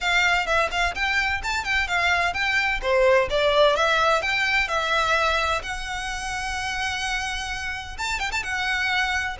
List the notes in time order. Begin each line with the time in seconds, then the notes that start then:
0.00 F5
0.46 E5
0.71 F5
0.94 G5
1.43 A5
1.64 G5
1.87 F5
2.33 G5
2.82 C5
3.29 D5
3.75 E5
4.22 G5
4.67 E5
5.62 F#5
7.98 A5
8.19 G5
8.31 A5
8.43 F#5